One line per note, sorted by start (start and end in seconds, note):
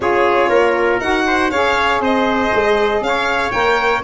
0.00 0.49 C#4
0.00 1.01 F4
0.00 0.49 G#4
0.00 1.00 C#5
0.49 0.99 A#3
0.49 1.24 A#4
1.00 1.50 D#4
1.00 1.51 F#4
1.00 1.50 F#5
1.26 1.51 C5
1.50 2.00 C#4
1.50 3.52 G#4
1.50 2.01 C#5
1.50 2.00 F5
2.00 2.50 C4
2.00 3.02 C5
2.00 3.03 D#5
2.54 3.00 G#3
3.00 3.51 C#4
3.00 3.51 F5
3.07 4.03 C#5
3.51 4.03 A#3
3.51 4.02 A#4
3.51 4.01 G5